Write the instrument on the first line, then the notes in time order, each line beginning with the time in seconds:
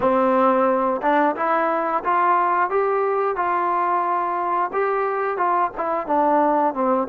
trombone
0.00 C4
1.01 D4
1.35 E4
2.04 F4
2.70 G4
3.36 F4
4.72 G4
5.37 F4
5.77 E4
6.06 D4
6.74 C4